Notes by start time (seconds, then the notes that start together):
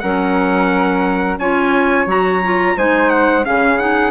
0.00 F#3 C#4 A#4 F#5
1.38 C#4 F4 C#5 G#5
2.06 F#3 F#4 A#5
2.44 F4
2.77 G#3 D#4 C5 G#5
3.10 F#5
3.43 C#3 C#4 G#4 F5
3.78 D#4 F#5